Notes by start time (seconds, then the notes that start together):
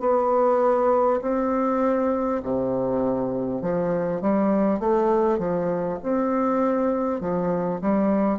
0.00 B3
1.21 C4
2.43 C3
3.61 F3
4.21 G3
4.79 A3
5.38 F3
6.02 C4
7.20 F3
7.81 G3